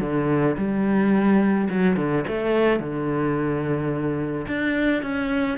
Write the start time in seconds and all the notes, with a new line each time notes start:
0.00 D3
0.57 G3
1.69 F#3
1.96 D3
2.27 A3
2.79 D3
4.47 D4
5.02 C#4